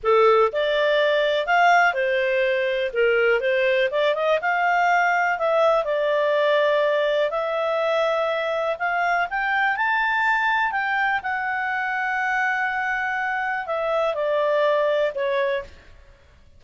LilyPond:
\new Staff \with { instrumentName = "clarinet" } { \time 4/4 \tempo 4 = 123 a'4 d''2 f''4 | c''2 ais'4 c''4 | d''8 dis''8 f''2 e''4 | d''2. e''4~ |
e''2 f''4 g''4 | a''2 g''4 fis''4~ | fis''1 | e''4 d''2 cis''4 | }